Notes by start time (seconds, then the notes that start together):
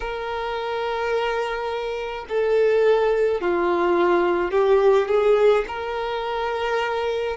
0.00 A#4
2.28 A4
3.41 F4
4.51 G4
5.08 G#4
5.67 A#4